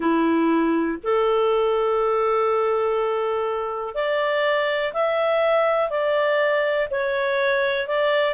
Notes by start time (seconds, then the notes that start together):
0.00 E4
1.03 A4
3.94 D5
4.93 E5
5.90 D5
6.90 C#5
7.87 D5